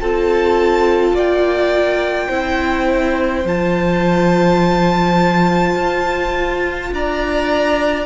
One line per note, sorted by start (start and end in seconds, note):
0.00 1.12 C4
0.00 2.31 F4
0.00 1.14 A4
0.00 1.16 A5
1.12 2.28 A#3
1.12 2.27 D5
1.12 3.47 G5
2.27 3.45 C4
2.27 3.46 E4
2.27 6.89 C5
3.45 5.75 F3
3.45 8.06 F4
3.45 6.94 A5
5.76 6.91 F4
6.92 8.06 D4
6.92 8.06 D5
6.92 8.06 A#5